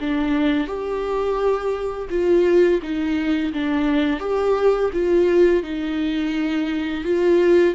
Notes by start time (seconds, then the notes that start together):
0.00 D4
0.67 G4
2.10 F4
2.82 D#4
3.53 D4
4.20 G4
4.93 F4
5.63 D#4
7.04 F4